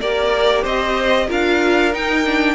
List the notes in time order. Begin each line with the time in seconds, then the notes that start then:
0.00 A#3 G4 A#4 D5
0.62 C4 C5 D#5
1.27 D4 F4 A#4 F5
1.92 D#4 G5
2.25 D4